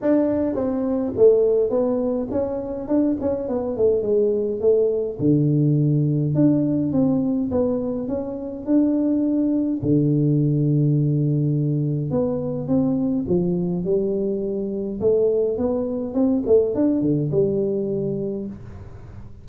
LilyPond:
\new Staff \with { instrumentName = "tuba" } { \time 4/4 \tempo 4 = 104 d'4 c'4 a4 b4 | cis'4 d'8 cis'8 b8 a8 gis4 | a4 d2 d'4 | c'4 b4 cis'4 d'4~ |
d'4 d2.~ | d4 b4 c'4 f4 | g2 a4 b4 | c'8 a8 d'8 d8 g2 | }